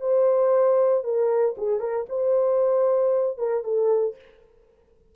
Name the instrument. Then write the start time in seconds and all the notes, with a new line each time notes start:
horn
0.00 C5
1.03 A#4
1.57 G#4
1.79 A#4
2.09 C5
3.38 A#4
3.63 A4